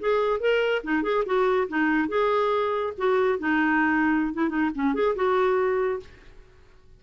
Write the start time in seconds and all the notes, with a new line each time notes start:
0.00 G#4
0.40 A#4
0.84 D#4
1.03 G#4
1.26 F#4
1.69 D#4
2.09 G#4
2.98 F#4
3.39 D#4
4.34 E4
4.49 D#4
4.75 C#4
4.95 G#4
5.16 F#4